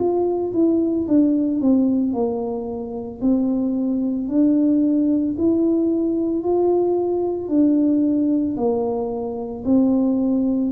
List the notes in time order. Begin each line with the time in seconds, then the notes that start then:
0.00 F4
0.54 E4
1.08 D4
1.61 C4
2.14 A#3
3.21 C4
4.29 D4
5.38 E4
6.43 F4
7.49 D4
8.57 A#3
9.65 C4